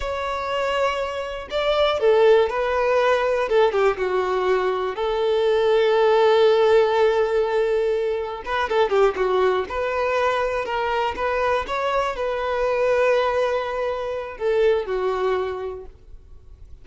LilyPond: \new Staff \with { instrumentName = "violin" } { \time 4/4 \tempo 4 = 121 cis''2. d''4 | a'4 b'2 a'8 g'8 | fis'2 a'2~ | a'1~ |
a'4 b'8 a'8 g'8 fis'4 b'8~ | b'4. ais'4 b'4 cis''8~ | cis''8 b'2.~ b'8~ | b'4 a'4 fis'2 | }